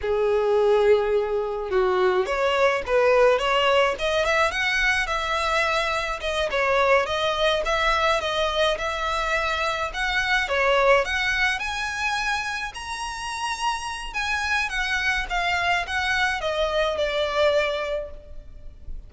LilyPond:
\new Staff \with { instrumentName = "violin" } { \time 4/4 \tempo 4 = 106 gis'2. fis'4 | cis''4 b'4 cis''4 dis''8 e''8 | fis''4 e''2 dis''8 cis''8~ | cis''8 dis''4 e''4 dis''4 e''8~ |
e''4. fis''4 cis''4 fis''8~ | fis''8 gis''2 ais''4.~ | ais''4 gis''4 fis''4 f''4 | fis''4 dis''4 d''2 | }